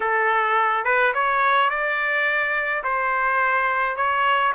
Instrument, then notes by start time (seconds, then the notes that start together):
trumpet
0.00 A4
0.84 B4
1.13 C#5
1.70 D5
2.83 C5
3.96 C#5